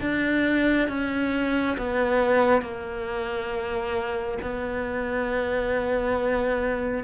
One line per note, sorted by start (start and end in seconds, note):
0.00 0.88 D4
0.88 1.76 C#4
1.77 2.61 B3
2.61 4.38 A#3
4.42 7.04 B3